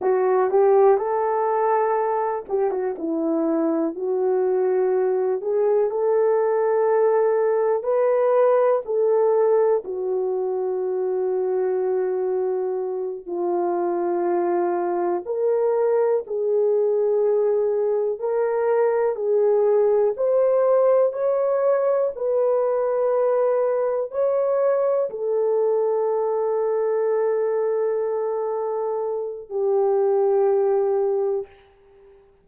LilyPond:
\new Staff \with { instrumentName = "horn" } { \time 4/4 \tempo 4 = 61 fis'8 g'8 a'4. g'16 fis'16 e'4 | fis'4. gis'8 a'2 | b'4 a'4 fis'2~ | fis'4. f'2 ais'8~ |
ais'8 gis'2 ais'4 gis'8~ | gis'8 c''4 cis''4 b'4.~ | b'8 cis''4 a'2~ a'8~ | a'2 g'2 | }